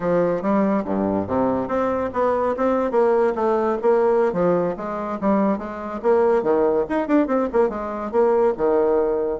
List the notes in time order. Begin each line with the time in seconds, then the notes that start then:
0.00 F3
0.41 G3
0.85 G2
1.27 C3
1.67 C4
2.13 B3
2.56 C4
2.91 A#3
3.35 A3
3.82 A#3
4.33 F3
4.76 G#3
5.20 G3
5.58 G#3
6.02 A#3
6.42 D#3
6.89 D#4
7.07 D4
7.27 C4
7.52 A#3
7.69 G#3
8.11 A#3
8.57 D#3